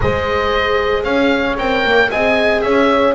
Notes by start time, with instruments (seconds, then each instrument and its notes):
0.00 double bass G#3, viola G#4, horn C5, oboe D#5
1.03 double bass C#4, horn C#5, oboe F5
1.57 double bass C4, viola A#4, oboe G5
1.84 double bass A#3
2.10 double bass C4, viola G#4, horn D#5, oboe G#5
2.61 double bass C#4, horn C#5, oboe E5